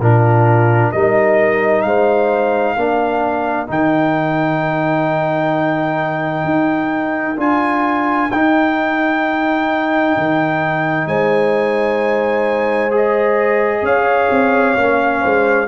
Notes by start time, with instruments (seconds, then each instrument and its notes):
0.00 tuba A#2, trombone D4, horn F4, trumpet A#4
0.92 tuba G3, trombone D#4, horn A#4, trumpet D#5
1.82 tuba G#3, horn C5, trumpet F5
2.76 tuba A#3, trombone D4, horn A#4
3.67 tuba D#3, trombone D#4, trumpet G5
6.44 tuba D#4
7.37 tuba D4, trombone F4, trumpet G#5
8.31 tuba D#4, trombone D#4, trumpet G5
10.17 tuba D#3
11.07 tuba G#3, horn C5, trumpet G#5
12.91 trombone G#4, trumpet D#5
13.82 tuba C#4, horn C#5, trumpet F5
14.31 tuba C4
14.76 tuba A#3, trombone C#4
15.22 tuba G#3, horn C5